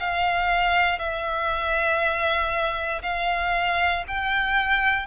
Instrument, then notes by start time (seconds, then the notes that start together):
violin
0.00 F5
0.99 E5
3.03 F5
4.08 G5